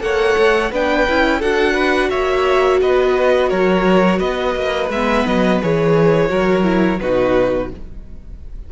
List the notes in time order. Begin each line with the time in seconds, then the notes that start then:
0.00 A#3 A4 C#5 F#5
0.38 A3
0.72 B3 D4 B4 G5
1.09 C#4 E4
1.39 D4 F#4 A4 F#5
1.74 B4
2.10 A#3 C#5 E5
2.82 B3 B4 D#5
3.50 F#3 A#4 C#5
4.19 B3 B4 D#5
4.56 A#3
4.90 G#3 B3 E5
5.27 F#3 D#5
5.63 E3 G#4 C#5
6.29 F#3 F#4 A#4
6.64 E4
7.00 B2 D#4 F#4 B4